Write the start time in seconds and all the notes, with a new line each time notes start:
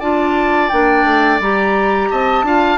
0.00 D4 F4 D5 A5
0.69 A#3 D4 G5
1.05 A3
1.40 G3 G4 A#5
2.11 C4 D#5 A5
2.43 D4 F4 F5